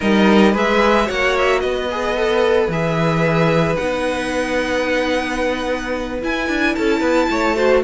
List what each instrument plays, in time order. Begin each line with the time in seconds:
0.00 cello G3, viola D#4, violin A#4 D#5
0.52 cello G#3, viola G#4, violin B4 E5
1.05 cello A#3, viola F#4, violin C#5 F#5
1.37 violin E5
1.59 cello B3, violin B4 D#5
1.91 viola G#4
2.16 viola A4
2.68 cello E3, viola G#4, violin E5
3.75 cello B3, viola D#4, violin F#5
6.21 viola E4, cello E4, violin G#5
6.48 cello D4
6.75 cello C#4, violin A4 A5
6.99 cello B3, violin B4
7.30 cello A3, violin C#5
7.55 viola F#4, violin C5